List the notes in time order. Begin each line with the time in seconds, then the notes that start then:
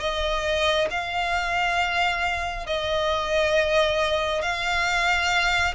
0.00 D#5
0.91 F5
2.67 D#5
4.42 F5